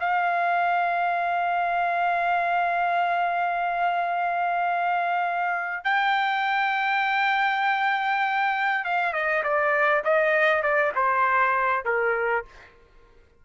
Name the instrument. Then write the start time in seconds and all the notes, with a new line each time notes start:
trumpet
0.00 F5
5.85 G5
8.85 F5
9.13 D#5
9.44 D5
10.05 D#5
10.63 D5
10.96 C5
11.85 A#4